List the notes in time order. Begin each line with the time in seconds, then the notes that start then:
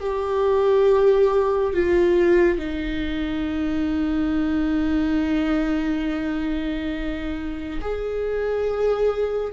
0.00 G4
1.74 F4
2.58 D#4
7.81 G#4